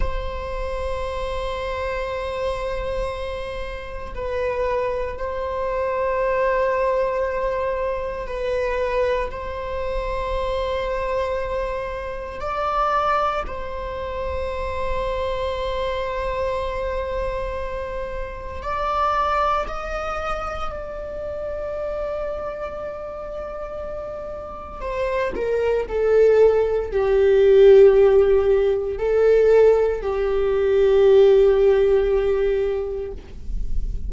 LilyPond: \new Staff \with { instrumentName = "viola" } { \time 4/4 \tempo 4 = 58 c''1 | b'4 c''2. | b'4 c''2. | d''4 c''2.~ |
c''2 d''4 dis''4 | d''1 | c''8 ais'8 a'4 g'2 | a'4 g'2. | }